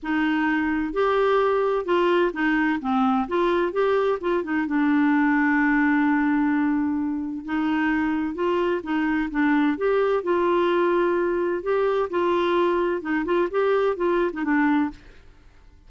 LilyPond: \new Staff \with { instrumentName = "clarinet" } { \time 4/4 \tempo 4 = 129 dis'2 g'2 | f'4 dis'4 c'4 f'4 | g'4 f'8 dis'8 d'2~ | d'1 |
dis'2 f'4 dis'4 | d'4 g'4 f'2~ | f'4 g'4 f'2 | dis'8 f'8 g'4 f'8. dis'16 d'4 | }